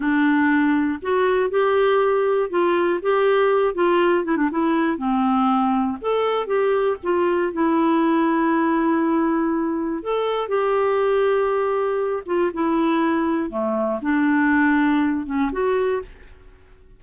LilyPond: \new Staff \with { instrumentName = "clarinet" } { \time 4/4 \tempo 4 = 120 d'2 fis'4 g'4~ | g'4 f'4 g'4. f'8~ | f'8 e'16 d'16 e'4 c'2 | a'4 g'4 f'4 e'4~ |
e'1 | a'4 g'2.~ | g'8 f'8 e'2 a4 | d'2~ d'8 cis'8 fis'4 | }